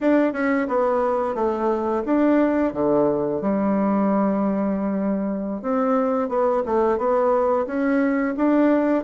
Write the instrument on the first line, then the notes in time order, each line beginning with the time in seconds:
bassoon
0.01 D4
0.33 C#4
0.68 B3
1.35 A3
2.05 D4
2.73 D3
3.41 G3
5.62 C4
6.29 B3
6.65 A3
6.97 B3
7.66 C#4
8.36 D4